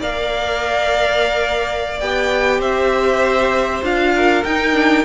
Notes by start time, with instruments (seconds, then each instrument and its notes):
0.00 cello A#3, viola A#4, violin D5 F5
1.99 cello B3, viola G4, violin G5
2.59 cello C4, violin C5 E5
3.82 cello D4, viola F4, violin F5
4.15 violin A#4
4.44 cello D#4, viola D#4, violin G5
4.73 viola D4